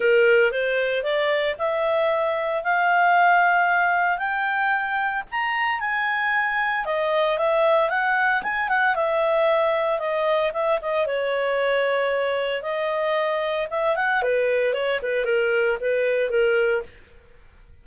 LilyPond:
\new Staff \with { instrumentName = "clarinet" } { \time 4/4 \tempo 4 = 114 ais'4 c''4 d''4 e''4~ | e''4 f''2. | g''2 ais''4 gis''4~ | gis''4 dis''4 e''4 fis''4 |
gis''8 fis''8 e''2 dis''4 | e''8 dis''8 cis''2. | dis''2 e''8 fis''8 b'4 | cis''8 b'8 ais'4 b'4 ais'4 | }